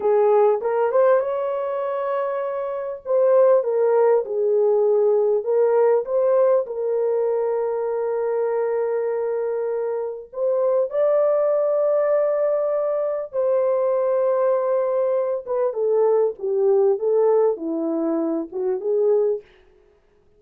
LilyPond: \new Staff \with { instrumentName = "horn" } { \time 4/4 \tempo 4 = 99 gis'4 ais'8 c''8 cis''2~ | cis''4 c''4 ais'4 gis'4~ | gis'4 ais'4 c''4 ais'4~ | ais'1~ |
ais'4 c''4 d''2~ | d''2 c''2~ | c''4. b'8 a'4 g'4 | a'4 e'4. fis'8 gis'4 | }